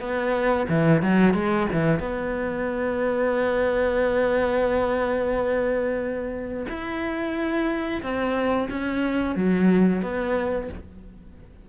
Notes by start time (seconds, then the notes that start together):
0.00 B3
0.68 E3
1.02 F#3
1.34 G#3
1.72 E3
1.99 B3
6.68 E4
8.02 C4
8.70 C#4
9.35 F#3
10.02 B3